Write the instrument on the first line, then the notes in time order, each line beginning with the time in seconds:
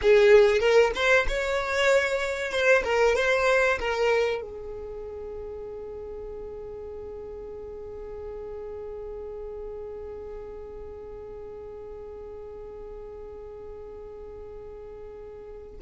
violin
0.01 G#4
0.59 A#4
0.95 C5
1.28 C#5
2.51 C5
2.84 A#4
3.16 C5
3.79 A#4
4.41 G#4